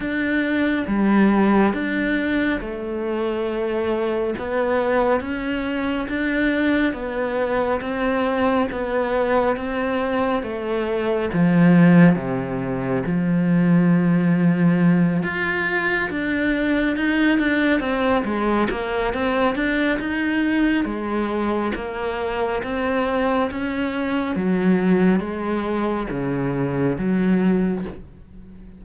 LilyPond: \new Staff \with { instrumentName = "cello" } { \time 4/4 \tempo 4 = 69 d'4 g4 d'4 a4~ | a4 b4 cis'4 d'4 | b4 c'4 b4 c'4 | a4 f4 c4 f4~ |
f4. f'4 d'4 dis'8 | d'8 c'8 gis8 ais8 c'8 d'8 dis'4 | gis4 ais4 c'4 cis'4 | fis4 gis4 cis4 fis4 | }